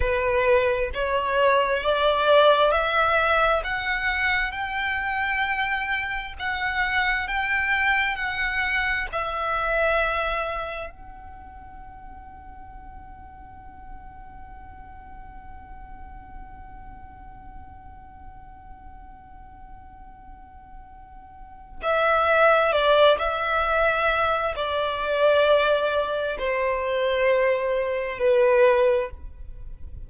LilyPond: \new Staff \with { instrumentName = "violin" } { \time 4/4 \tempo 4 = 66 b'4 cis''4 d''4 e''4 | fis''4 g''2 fis''4 | g''4 fis''4 e''2 | fis''1~ |
fis''1~ | fis''1 | e''4 d''8 e''4. d''4~ | d''4 c''2 b'4 | }